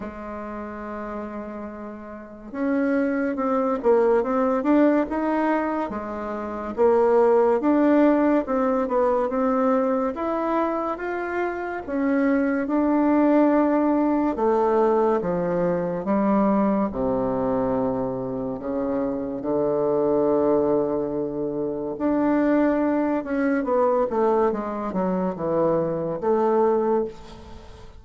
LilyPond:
\new Staff \with { instrumentName = "bassoon" } { \time 4/4 \tempo 4 = 71 gis2. cis'4 | c'8 ais8 c'8 d'8 dis'4 gis4 | ais4 d'4 c'8 b8 c'4 | e'4 f'4 cis'4 d'4~ |
d'4 a4 f4 g4 | c2 cis4 d4~ | d2 d'4. cis'8 | b8 a8 gis8 fis8 e4 a4 | }